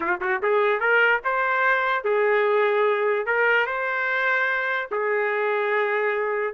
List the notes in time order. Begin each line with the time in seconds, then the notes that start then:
0.00 F4
0.20 F#4
0.42 G#4
0.80 A#4
1.24 C5
2.04 G#4
3.26 A#4
3.66 C5
4.91 G#4